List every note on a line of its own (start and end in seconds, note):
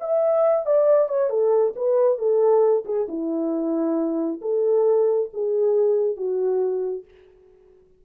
0.00 0.66 E5
0.66 1.08 D5
1.08 1.29 C#5
1.29 1.73 A4
1.75 2.18 B4
2.18 2.84 A4
2.85 3.07 G#4
3.08 4.40 E4
4.41 5.30 A4
5.33 6.16 G#4
6.16 7.04 F#4